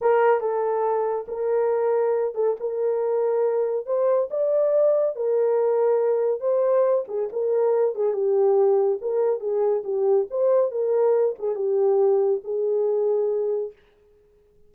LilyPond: \new Staff \with { instrumentName = "horn" } { \time 4/4 \tempo 4 = 140 ais'4 a'2 ais'4~ | ais'4. a'8 ais'2~ | ais'4 c''4 d''2 | ais'2. c''4~ |
c''8 gis'8 ais'4. gis'8 g'4~ | g'4 ais'4 gis'4 g'4 | c''4 ais'4. gis'8 g'4~ | g'4 gis'2. | }